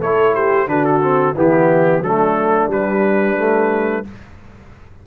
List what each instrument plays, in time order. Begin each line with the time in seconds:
0.00 tuba A3, trombone E4, horn A4, trumpet C#5
0.34 horn G4, trumpet C5
0.67 tuba D3, trombone D4, horn F#4, trumpet B4
0.85 trumpet A4
1.01 trombone C4
1.36 tuba E3, trombone B3, horn E4, trumpet G4
2.00 tuba F#3, trombone A3, horn D4, trumpet A4
2.68 tuba G3, trombone G3, trumpet B4
3.37 trombone A3